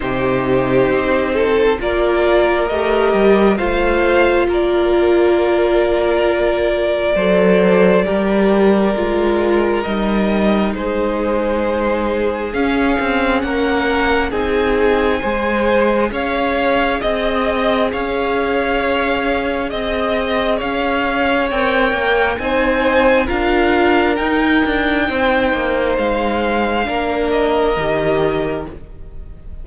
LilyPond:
<<
  \new Staff \with { instrumentName = "violin" } { \time 4/4 \tempo 4 = 67 c''2 d''4 dis''4 | f''4 d''2.~ | d''2. dis''4 | c''2 f''4 fis''4 |
gis''2 f''4 dis''4 | f''2 dis''4 f''4 | g''4 gis''4 f''4 g''4~ | g''4 f''4. dis''4. | }
  \new Staff \with { instrumentName = "violin" } { \time 4/4 g'4. a'8 ais'2 | c''4 ais'2. | c''4 ais'2. | gis'2. ais'4 |
gis'4 c''4 cis''4 dis''4 | cis''2 dis''4 cis''4~ | cis''4 c''4 ais'2 | c''2 ais'2 | }
  \new Staff \with { instrumentName = "viola" } { \time 4/4 dis'2 f'4 g'4 | f'1 | a'4 g'4 f'4 dis'4~ | dis'2 cis'2 |
dis'4 gis'2.~ | gis'1 | ais'4 dis'4 f'4 dis'4~ | dis'2 d'4 g'4 | }
  \new Staff \with { instrumentName = "cello" } { \time 4/4 c4 c'4 ais4 a8 g8 | a4 ais2. | fis4 g4 gis4 g4 | gis2 cis'8 c'8 ais4 |
c'4 gis4 cis'4 c'4 | cis'2 c'4 cis'4 | c'8 ais8 c'4 d'4 dis'8 d'8 | c'8 ais8 gis4 ais4 dis4 | }
>>